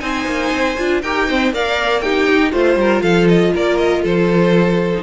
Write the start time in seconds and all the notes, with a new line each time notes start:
0.00 C4 D#4 C5 G#5
0.26 A#3
0.52 C4
0.79 D4 F4
1.02 D#4 G4 A#4 G5
1.28 C4 C5
1.53 A#3 A#4 D5 F5
2.02 D#4 G4 G5
2.28 D#4
2.52 A3 F4 C5
2.76 G3 A#4
3.03 F3 A4 F5
3.29 D#5
3.55 A#3 A#4 D5
3.78 D#5
4.02 F3 A4 C5
4.94 D#4